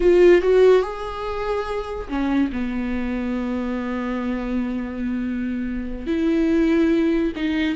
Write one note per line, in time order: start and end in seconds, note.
0.00 0.41 F4
0.41 0.82 F#4
0.82 2.08 G#4
2.08 2.50 C#4
2.52 6.06 B3
6.06 7.32 E4
7.36 7.75 D#4